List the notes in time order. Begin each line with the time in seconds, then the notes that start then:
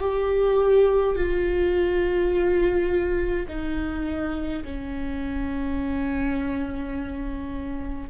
0.00 G4
1.15 F4
3.48 D#4
4.64 C#4